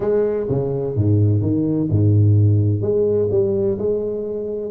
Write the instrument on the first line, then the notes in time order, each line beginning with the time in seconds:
tuba
0.00 G#3
0.49 C#3
0.95 G#2
1.41 D#3
1.89 G#2
2.81 G#3
3.30 G3
3.78 G#3